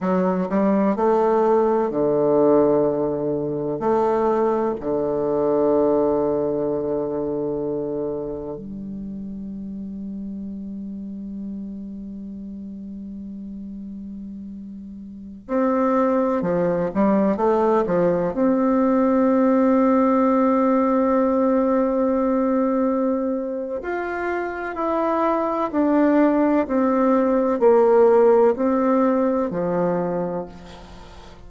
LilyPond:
\new Staff \with { instrumentName = "bassoon" } { \time 4/4 \tempo 4 = 63 fis8 g8 a4 d2 | a4 d2.~ | d4 g2.~ | g1~ |
g16 c'4 f8 g8 a8 f8 c'8.~ | c'1~ | c'4 f'4 e'4 d'4 | c'4 ais4 c'4 f4 | }